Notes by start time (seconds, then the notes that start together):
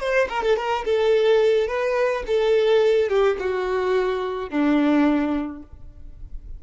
0.00 C5
0.29 A#4
0.43 A4
0.56 A#4
0.85 A4
1.67 B4
2.27 A4
3.09 G4
3.39 F#4
4.50 D4